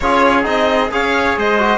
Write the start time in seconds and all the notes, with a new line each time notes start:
0.00 C#4 F4 G#4 C#5
0.43 C4 D#4 D#5
0.91 C#4 G#4 C#5 F5
1.36 G#3 C5 D#5
1.58 F#4